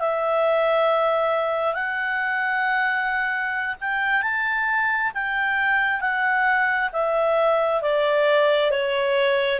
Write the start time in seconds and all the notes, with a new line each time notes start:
0.00 E5
1.74 F#5
3.81 G5
4.22 A5
5.14 G5
6.00 F#5
6.92 E5
7.82 D5
8.71 C#5